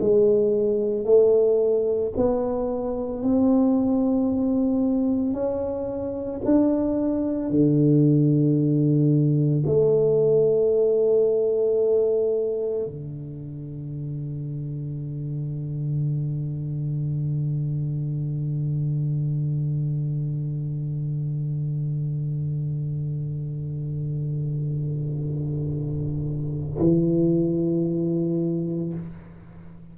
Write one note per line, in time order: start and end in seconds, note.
0.00 1.05 G#3
1.05 2.12 A3
2.16 3.22 B3
3.22 5.33 C4
5.33 6.40 C#4
6.45 7.50 D4
7.50 9.64 D3
9.66 12.86 A3
12.86 26.79 D3
26.79 28.93 E3